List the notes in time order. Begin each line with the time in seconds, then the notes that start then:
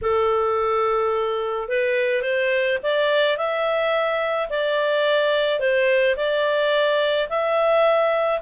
0.01 A4
1.68 B4
2.22 C5
2.82 D5
3.37 E5
4.49 D5
5.59 C5
6.16 D5
7.29 E5